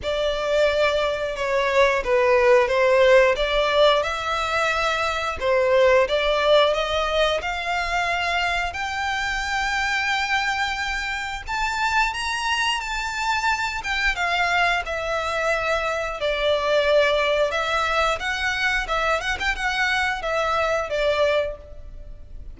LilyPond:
\new Staff \with { instrumentName = "violin" } { \time 4/4 \tempo 4 = 89 d''2 cis''4 b'4 | c''4 d''4 e''2 | c''4 d''4 dis''4 f''4~ | f''4 g''2.~ |
g''4 a''4 ais''4 a''4~ | a''8 g''8 f''4 e''2 | d''2 e''4 fis''4 | e''8 fis''16 g''16 fis''4 e''4 d''4 | }